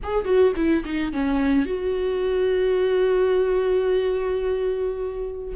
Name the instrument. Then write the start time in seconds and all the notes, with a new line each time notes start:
viola
0.03 G#4
0.24 F#4
0.56 E4
0.85 D#4
1.12 C#4
1.65 F#4